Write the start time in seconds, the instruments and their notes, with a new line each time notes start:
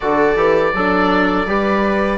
0.00 bassoon D3, trombone F#4, viola A4, oboe D5
0.35 bassoon E3, trombone G4
0.73 bassoon F#3, viola D4, trombone A4
1.46 bassoon G3, trombone G4, viola B4